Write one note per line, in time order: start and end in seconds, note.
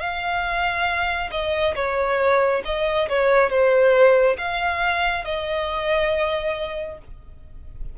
0.00 1.30 F5
1.32 1.75 D#5
1.76 2.63 C#5
2.66 3.09 D#5
3.09 3.50 C#5
3.50 4.37 C5
4.38 5.25 F5
5.25 6.99 D#5